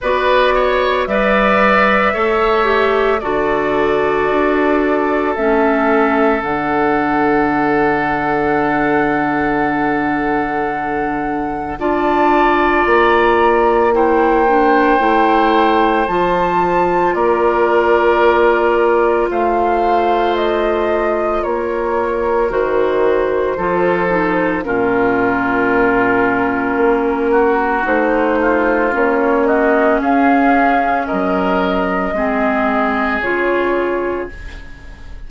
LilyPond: <<
  \new Staff \with { instrumentName = "flute" } { \time 4/4 \tempo 4 = 56 d''4 e''2 d''4~ | d''4 e''4 fis''2~ | fis''2. a''4 | ais''4 g''2 a''4 |
d''2 f''4 dis''4 | cis''4 c''2 ais'4~ | ais'2 c''4 cis''8 dis''8 | f''4 dis''2 cis''4 | }
  \new Staff \with { instrumentName = "oboe" } { \time 4/4 b'8 cis''8 d''4 cis''4 a'4~ | a'1~ | a'2. d''4~ | d''4 c''2. |
ais'2 c''2 | ais'2 a'4 f'4~ | f'4. fis'4 f'4 fis'8 | gis'4 ais'4 gis'2 | }
  \new Staff \with { instrumentName = "clarinet" } { \time 4/4 fis'4 b'4 a'8 g'8 fis'4~ | fis'4 cis'4 d'2~ | d'2. f'4~ | f'4 e'8 d'8 e'4 f'4~ |
f'1~ | f'4 fis'4 f'8 dis'8 cis'4~ | cis'2 dis'4 cis'4~ | cis'2 c'4 f'4 | }
  \new Staff \with { instrumentName = "bassoon" } { \time 4/4 b4 g4 a4 d4 | d'4 a4 d2~ | d2. d'4 | ais2 a4 f4 |
ais2 a2 | ais4 dis4 f4 ais,4~ | ais,4 ais4 a4 ais4 | cis'4 fis4 gis4 cis4 | }
>>